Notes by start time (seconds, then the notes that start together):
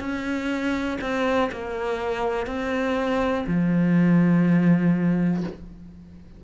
0.00 C#4
1.01 C4
1.52 A#3
2.47 C4
3.47 F3